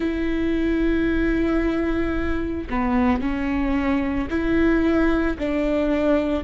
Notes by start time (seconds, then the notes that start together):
0.00 E4
2.69 B3
3.21 C#4
4.30 E4
5.38 D4